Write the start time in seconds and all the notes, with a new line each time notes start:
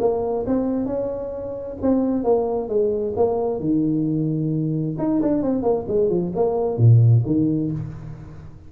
0.00 A#3
0.47 C4
0.86 C#4
1.82 C4
2.24 A#3
2.69 G#3
3.16 A#3
3.60 D#3
4.99 D#4
5.22 D4
5.42 C4
5.63 A#3
5.88 G#3
6.10 F3
6.36 A#3
6.77 A#2
7.26 D#3